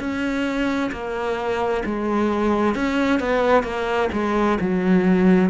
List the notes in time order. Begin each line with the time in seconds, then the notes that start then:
0.00 C#4
0.93 A#3
1.86 G#3
2.75 C#4
3.21 B3
3.64 A#3
4.13 G#3
4.61 F#3